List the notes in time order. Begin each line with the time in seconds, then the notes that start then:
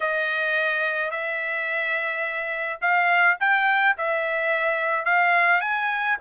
0.00 D#5
1.10 E5
2.81 F5
3.40 G5
3.97 E5
5.05 F5
5.60 G#5